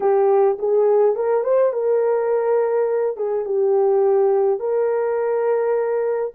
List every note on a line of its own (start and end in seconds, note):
0.00 0.58 G4
0.58 1.15 G#4
1.15 1.43 A#4
1.43 1.72 C5
1.72 3.16 A#4
3.16 3.45 G#4
3.45 4.59 G4
4.59 6.33 A#4